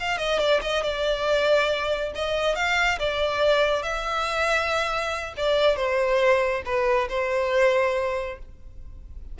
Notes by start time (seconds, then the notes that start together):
0.00 F5
0.18 D#5
0.39 D5
0.62 D#5
0.83 D5
2.15 D#5
2.55 F5
2.99 D5
3.83 E5
5.37 D5
5.76 C5
6.65 B4
7.09 C5